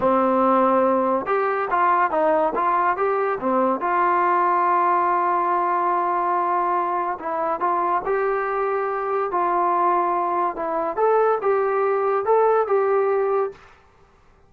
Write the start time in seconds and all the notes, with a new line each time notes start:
0.00 C4
1.26 G4
1.70 F4
2.10 D#4
2.55 F4
2.96 G4
3.40 C4
3.80 F4
7.19 E4
7.59 F4
8.05 G4
9.31 F4
10.56 E4
10.96 A4
11.41 G4
12.25 A4
12.67 G4